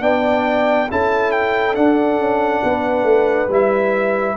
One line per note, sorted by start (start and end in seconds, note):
0.00 0.88 B3
0.00 0.87 D4
0.00 0.88 D5
0.00 0.89 G5
0.90 1.76 C#4
0.90 1.74 E4
0.90 2.65 A4
0.90 1.31 A5
1.31 1.74 G5
1.74 3.48 D4
1.74 2.18 D4
1.74 3.49 F#5
2.18 2.61 C#4
2.63 3.03 B3
2.63 4.37 B4
3.03 3.47 A3
3.48 4.35 G3
3.48 4.37 E4
3.48 4.37 E5